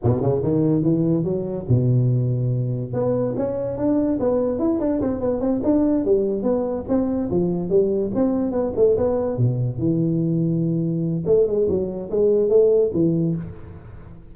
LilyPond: \new Staff \with { instrumentName = "tuba" } { \time 4/4 \tempo 4 = 144 b,8 cis8 dis4 e4 fis4 | b,2. b4 | cis'4 d'4 b4 e'8 d'8 | c'8 b8 c'8 d'4 g4 b8~ |
b8 c'4 f4 g4 c'8~ | c'8 b8 a8 b4 b,4 e8~ | e2. a8 gis8 | fis4 gis4 a4 e4 | }